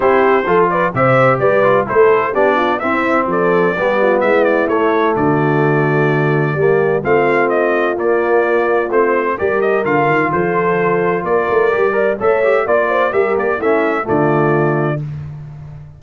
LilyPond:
<<
  \new Staff \with { instrumentName = "trumpet" } { \time 4/4 \tempo 4 = 128 c''4. d''8 e''4 d''4 | c''4 d''4 e''4 d''4~ | d''4 e''8 d''8 cis''4 d''4~ | d''2. f''4 |
dis''4 d''2 c''4 | d''8 dis''8 f''4 c''2 | d''2 e''4 d''4 | e''8 d''8 e''4 d''2 | }
  \new Staff \with { instrumentName = "horn" } { \time 4/4 g'4 a'8 b'8 c''4 b'4 | a'4 g'8 f'8 e'4 a'4 | g'8 f'8 e'2 fis'4~ | fis'2 g'4 f'4~ |
f'1 | ais'2 a'2 | ais'4. d''8 cis''4 d''8 c''8 | ais'4 e'4 f'2 | }
  \new Staff \with { instrumentName = "trombone" } { \time 4/4 e'4 f'4 g'4. f'8 | e'4 d'4 c'2 | b2 a2~ | a2 ais4 c'4~ |
c'4 ais2 c'4 | g'4 f'2.~ | f'4 g'8 ais'8 a'8 g'8 f'4 | g'4 cis'4 a2 | }
  \new Staff \with { instrumentName = "tuba" } { \time 4/4 c'4 f4 c4 g4 | a4 b4 c'4 f4 | g4 gis4 a4 d4~ | d2 g4 a4~ |
a4 ais2 a4 | g4 d8 dis8 f2 | ais8 a8 g4 a4 ais4 | g8 ais8 a4 d2 | }
>>